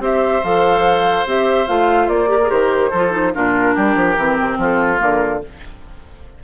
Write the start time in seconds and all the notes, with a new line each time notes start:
0.00 C4 G4 C5 E5
0.44 F3 A4 F5
1.26 C4 G4 E5
1.67 A3 F4 F5
2.09 A#3 D5
2.28 G4 A#4
2.43 G#4
2.49 D#3 G4 C5
2.90 F3 F4 A4
3.11 D#4
3.35 A#2 D4 F4 A#4
3.75 G3 G4
3.96 F3
4.17 E3 C4
4.40 C3
4.58 F3 F4 A4
4.98 D3 A#3 A#4